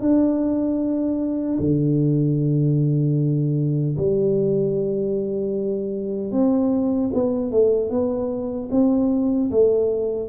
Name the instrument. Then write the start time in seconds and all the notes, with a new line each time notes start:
tuba
0.00 D4
1.59 D3
3.97 G3
6.31 C4
7.13 B3
7.51 A3
7.90 B3
8.71 C4
9.51 A3